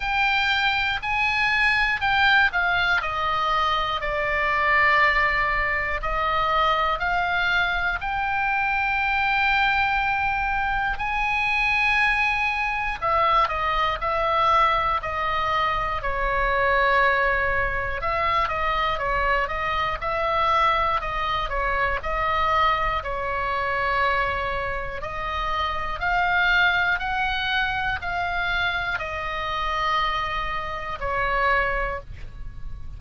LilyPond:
\new Staff \with { instrumentName = "oboe" } { \time 4/4 \tempo 4 = 60 g''4 gis''4 g''8 f''8 dis''4 | d''2 dis''4 f''4 | g''2. gis''4~ | gis''4 e''8 dis''8 e''4 dis''4 |
cis''2 e''8 dis''8 cis''8 dis''8 | e''4 dis''8 cis''8 dis''4 cis''4~ | cis''4 dis''4 f''4 fis''4 | f''4 dis''2 cis''4 | }